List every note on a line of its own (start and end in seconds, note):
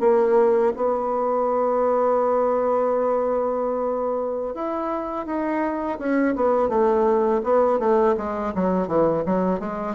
0.00 0.72 A#3
0.76 4.54 B3
4.54 5.26 E4
5.26 5.98 D#4
5.99 6.35 C#4
6.35 6.69 B3
6.69 7.41 A3
7.44 7.79 B3
7.79 8.15 A3
8.17 8.53 G#3
8.55 8.88 F#3
8.88 9.24 E3
9.25 9.60 F#3
9.60 9.95 G#3